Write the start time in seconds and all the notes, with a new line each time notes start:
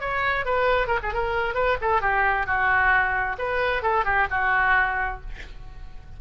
0.00 C#5
0.45 B4
0.87 A#4
1.03 G#4
1.13 A#4
1.54 B4
1.81 A4
2.01 G4
2.46 F#4
3.38 B4
3.82 A4
4.05 G4
4.30 F#4